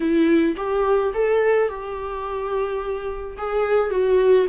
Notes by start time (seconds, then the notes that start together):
0.00 E4
0.56 G4
1.13 A4
1.68 G4
3.37 G#4
3.90 F#4